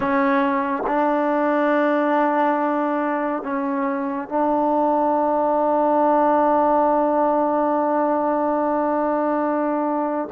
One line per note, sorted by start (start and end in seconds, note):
0.00 0.83 C#4
0.86 3.42 D4
3.42 4.28 C#4
4.29 10.29 D4